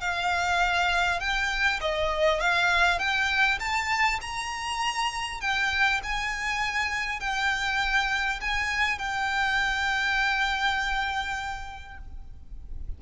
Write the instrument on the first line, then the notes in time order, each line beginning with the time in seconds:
violin
0.00 F5
1.20 G5
1.80 D#5
2.40 F5
2.98 G5
3.59 A5
4.21 A#5
5.40 G5
6.03 G#5
7.19 G5
8.41 G#5
8.98 G5